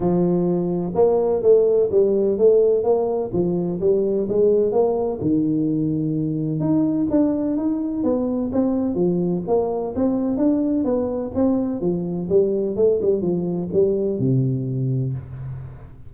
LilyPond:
\new Staff \with { instrumentName = "tuba" } { \time 4/4 \tempo 4 = 127 f2 ais4 a4 | g4 a4 ais4 f4 | g4 gis4 ais4 dis4~ | dis2 dis'4 d'4 |
dis'4 b4 c'4 f4 | ais4 c'4 d'4 b4 | c'4 f4 g4 a8 g8 | f4 g4 c2 | }